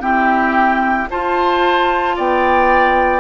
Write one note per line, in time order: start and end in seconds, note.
0.00 1.07 C4
0.00 1.10 E4
0.00 1.09 G4
0.00 1.08 G5
1.10 3.21 F4
1.10 2.18 F4
1.10 2.16 C5
1.10 2.17 A5
2.16 3.21 B3
2.16 3.21 D5
2.16 3.21 G5